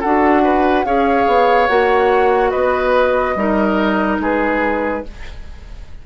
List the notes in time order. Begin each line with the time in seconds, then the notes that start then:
0.00 D4 F#4 A4 F#5
0.44 B4
0.85 C#4 G#4 C#5 F5
1.27 B3
1.67 A#3 F#4 F#5
2.51 B3 B4 D#5
3.36 G3 D#4 A#4
4.20 G#3 G#4 B4